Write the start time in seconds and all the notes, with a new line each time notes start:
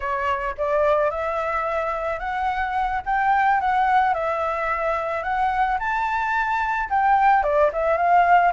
0.00 C#5
0.57 D5
1.10 E5
2.19 F#5
3.05 G5
3.60 F#5
4.14 E5
5.23 F#5
5.79 A5
6.89 G5
7.43 D5
7.72 E5
7.97 F5